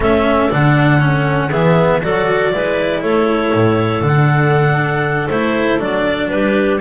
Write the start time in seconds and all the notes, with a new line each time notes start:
0.00 A3 C#4 A4 E5
0.50 D3 D4 F#5
0.99 C#4
1.48 E3 B3 G#4 E5
2.02 F#3 F#4 A4 D5
2.52 G#3 E4 B4
3.01 A3 A4 C#5
3.53 A2
4.01 D3 D4 F#5
5.29 A3 E4 C5
5.78 F#3 D4 D5
6.29 G3 G4 B4